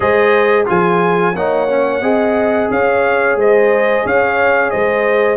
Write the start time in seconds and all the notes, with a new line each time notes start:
0.00 G#3 G#4 C5 D#5
0.65 F3 F4 G#4 G#5
1.35 A#3 D#4 C#5 F#5
1.68 C#4
2.01 C4 G#4 D#5
2.70 C#4 C#5 F5
3.36 G#3 C5 D#5
4.04 C#4 C#5 F5
4.70 G#3 C5 D#5